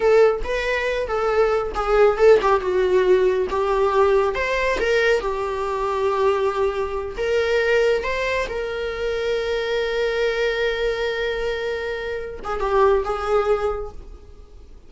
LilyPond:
\new Staff \with { instrumentName = "viola" } { \time 4/4 \tempo 4 = 138 a'4 b'4. a'4. | gis'4 a'8 g'8 fis'2 | g'2 c''4 ais'4 | g'1~ |
g'8 ais'2 c''4 ais'8~ | ais'1~ | ais'1~ | ais'8 gis'8 g'4 gis'2 | }